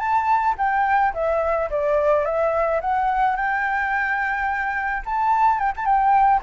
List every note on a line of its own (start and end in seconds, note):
0.00 0.56 A5
0.58 1.14 G5
1.14 1.70 E5
1.71 2.26 D5
2.26 2.81 E5
2.82 3.37 F#5
3.37 5.04 G5
5.06 5.59 A5
5.59 5.73 G5
5.77 5.86 A5
5.86 6.41 G5